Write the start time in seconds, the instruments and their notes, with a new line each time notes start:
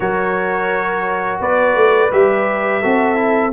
0.00 tuba F#3, trombone F#4, horn A#4, trumpet C#5
1.40 tuba B3, horn B4, trumpet D5
1.75 tuba A3
2.12 tuba G3, trombone G4, trumpet E5
2.81 tuba C4, trombone F#4, horn A4
3.15 trombone E4